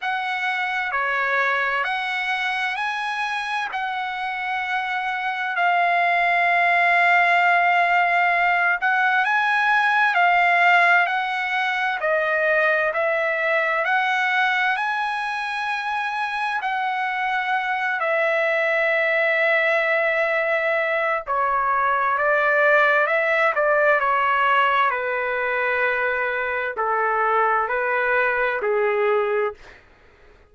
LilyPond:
\new Staff \with { instrumentName = "trumpet" } { \time 4/4 \tempo 4 = 65 fis''4 cis''4 fis''4 gis''4 | fis''2 f''2~ | f''4. fis''8 gis''4 f''4 | fis''4 dis''4 e''4 fis''4 |
gis''2 fis''4. e''8~ | e''2. cis''4 | d''4 e''8 d''8 cis''4 b'4~ | b'4 a'4 b'4 gis'4 | }